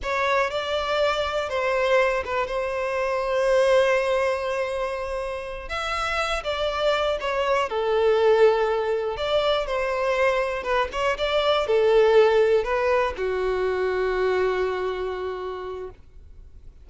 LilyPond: \new Staff \with { instrumentName = "violin" } { \time 4/4 \tempo 4 = 121 cis''4 d''2 c''4~ | c''8 b'8 c''2.~ | c''2.~ c''8 e''8~ | e''4 d''4. cis''4 a'8~ |
a'2~ a'8 d''4 c''8~ | c''4. b'8 cis''8 d''4 a'8~ | a'4. b'4 fis'4.~ | fis'1 | }